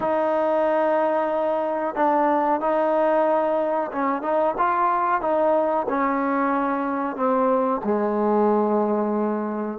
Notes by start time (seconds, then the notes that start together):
0.00 D#4
1.95 D4
2.60 D#4
3.91 C#4
4.22 D#4
4.58 F4
5.21 D#4
5.88 C#4
7.16 C4
7.83 G#3